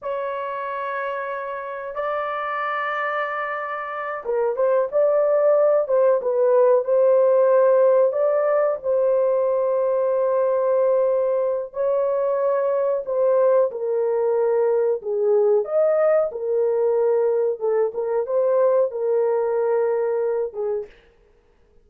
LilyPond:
\new Staff \with { instrumentName = "horn" } { \time 4/4 \tempo 4 = 92 cis''2. d''4~ | d''2~ d''8 ais'8 c''8 d''8~ | d''4 c''8 b'4 c''4.~ | c''8 d''4 c''2~ c''8~ |
c''2 cis''2 | c''4 ais'2 gis'4 | dis''4 ais'2 a'8 ais'8 | c''4 ais'2~ ais'8 gis'8 | }